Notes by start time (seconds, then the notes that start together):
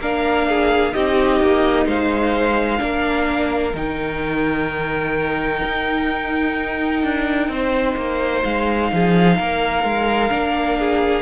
0.00 A#3 D4 A#4 F5
0.49 G#4
0.94 C4 D#4 G4 D#5
1.41 A#3
1.87 G#3 C5 F5
2.79 A#3 D4 A#4
3.74 D#3 D#4 G5
5.63 D#4
7.04 D4
7.49 C4 C5
7.97 A#3
8.44 G#3 F5
8.93 F3 G#4
9.38 A#3 A#4
9.84 G#3
10.30 A#3 D4
10.79 G#4